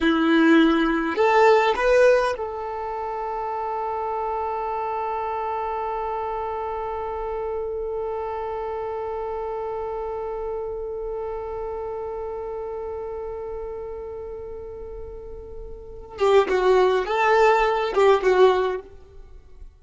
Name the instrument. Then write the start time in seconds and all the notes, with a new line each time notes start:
violin
0.01 E4
1.15 A4
1.75 B4
2.37 A4
16.18 G4
16.48 F#4
17.05 A4
17.94 G4
18.22 F#4